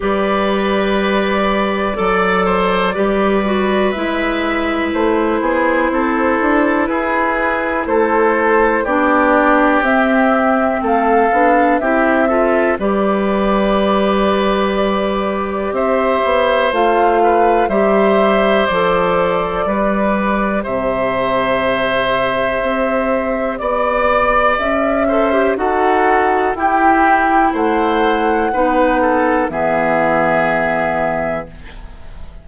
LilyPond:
<<
  \new Staff \with { instrumentName = "flute" } { \time 4/4 \tempo 4 = 61 d''1 | e''4 c''2 b'4 | c''4 d''4 e''4 f''4 | e''4 d''2. |
e''4 f''4 e''4 d''4~ | d''4 e''2. | d''4 e''4 fis''4 g''4 | fis''2 e''2 | }
  \new Staff \with { instrumentName = "oboe" } { \time 4/4 b'2 d''8 c''8 b'4~ | b'4. gis'8 a'4 gis'4 | a'4 g'2 a'4 | g'8 a'8 b'2. |
c''4. b'8 c''2 | b'4 c''2. | d''4. c''8 a'4 g'4 | c''4 b'8 a'8 gis'2 | }
  \new Staff \with { instrumentName = "clarinet" } { \time 4/4 g'2 a'4 g'8 fis'8 | e'1~ | e'4 d'4 c'4. d'8 | e'8 f'8 g'2.~ |
g'4 f'4 g'4 a'4 | g'1~ | g'4. a'16 g'16 fis'4 e'4~ | e'4 dis'4 b2 | }
  \new Staff \with { instrumentName = "bassoon" } { \time 4/4 g2 fis4 g4 | gis4 a8 b8 c'8 d'8 e'4 | a4 b4 c'4 a8 b8 | c'4 g2. |
c'8 b8 a4 g4 f4 | g4 c2 c'4 | b4 cis'4 dis'4 e'4 | a4 b4 e2 | }
>>